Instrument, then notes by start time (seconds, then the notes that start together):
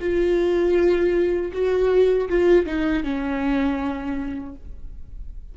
viola
0.00 F4
1.52 F#4
2.29 F4
2.66 D#4
3.03 C#4